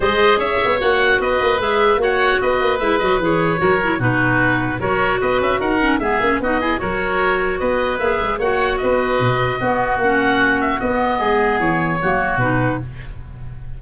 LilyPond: <<
  \new Staff \with { instrumentName = "oboe" } { \time 4/4 \tempo 4 = 150 dis''4 e''4 fis''4 dis''4 | e''4 fis''4 dis''4 e''8 dis''8 | cis''2 b'2 | cis''4 dis''8 e''8 fis''4 e''4 |
dis''4 cis''2 dis''4 | e''4 fis''4 dis''2~ | dis''4 fis''4. e''8 dis''4~ | dis''4 cis''2 b'4 | }
  \new Staff \with { instrumentName = "oboe" } { \time 4/4 c''4 cis''2 b'4~ | b'4 cis''4 b'2~ | b'4 ais'4 fis'2 | ais'4 b'4 ais'4 gis'4 |
fis'8 gis'8 ais'2 b'4~ | b'4 cis''4 b'2 | fis'1 | gis'2 fis'2 | }
  \new Staff \with { instrumentName = "clarinet" } { \time 4/4 gis'2 fis'2 | gis'4 fis'2 e'8 fis'8 | gis'4 fis'8 e'8 dis'2 | fis'2~ fis'8 cis'8 b8 cis'8 |
dis'8 e'8 fis'2. | gis'4 fis'2. | b4 cis'2 b4~ | b2 ais4 dis'4 | }
  \new Staff \with { instrumentName = "tuba" } { \time 4/4 gis4 cis'8 b8 ais4 b8 ais8 | gis4 ais4 b8 ais8 gis8 fis8 | e4 fis4 b,2 | fis4 b8 cis'8 dis'4 gis8 ais8 |
b4 fis2 b4 | ais8 gis8 ais4 b4 b,4 | b4 ais2 b4 | gis4 e4 fis4 b,4 | }
>>